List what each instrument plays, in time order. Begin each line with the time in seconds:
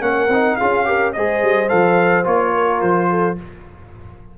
0.00 tuba A#3, trombone C#4, horn A#4, trumpet F#5
0.28 tuba C4, trombone D#4
0.56 tuba C#4, trombone F4, horn G#4, trumpet F5
0.84 trombone G4, horn A#4
1.12 tuba G#3, trombone G#4, horn C5, trumpet D#5
1.42 tuba G3
1.68 tuba F3, trombone A4, trumpet F5
2.24 tuba A#3, trombone F4, trumpet C#5
2.54 horn A#4
2.81 tuba F3, trumpet C5
3.09 horn A4